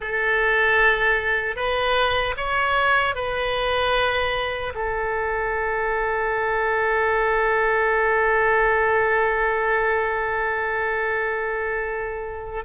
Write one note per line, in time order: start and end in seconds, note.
0.00 1.55 A4
1.55 2.34 B4
2.36 3.15 C#5
3.15 4.73 B4
4.74 12.64 A4